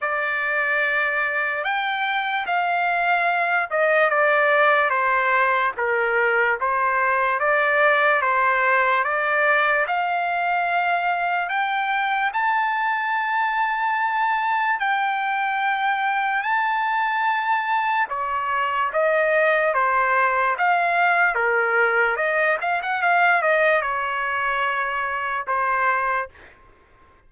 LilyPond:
\new Staff \with { instrumentName = "trumpet" } { \time 4/4 \tempo 4 = 73 d''2 g''4 f''4~ | f''8 dis''8 d''4 c''4 ais'4 | c''4 d''4 c''4 d''4 | f''2 g''4 a''4~ |
a''2 g''2 | a''2 cis''4 dis''4 | c''4 f''4 ais'4 dis''8 f''16 fis''16 | f''8 dis''8 cis''2 c''4 | }